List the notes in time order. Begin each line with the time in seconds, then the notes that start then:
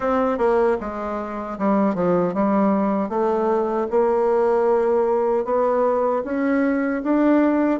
0.00 C4
0.38 A#3
0.80 G#3
1.58 G3
1.94 F3
2.34 G3
3.09 A3
3.90 A#3
5.44 B3
6.24 C#4
7.03 D4